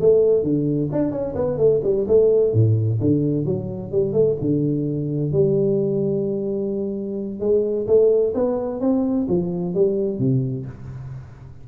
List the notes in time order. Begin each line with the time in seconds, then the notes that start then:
0.00 A3
0.43 D3
0.92 D4
1.11 C#4
1.35 B3
1.57 A3
1.83 G3
2.07 A3
2.53 A2
3.00 D3
3.45 F#3
3.91 G3
4.12 A3
4.41 D3
5.32 G3
7.40 G#3
7.87 A3
8.34 B3
8.80 C4
9.28 F3
9.74 G3
10.19 C3